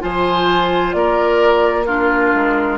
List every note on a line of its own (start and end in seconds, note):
0.00 0.94 F3
0.00 1.85 F4
0.00 0.95 C5
0.00 0.92 G#5
0.92 2.32 A#3
0.92 1.87 A#4
0.92 1.85 D5
1.87 2.78 D4
1.87 2.78 F4
1.87 2.78 A#4
2.34 2.78 G#3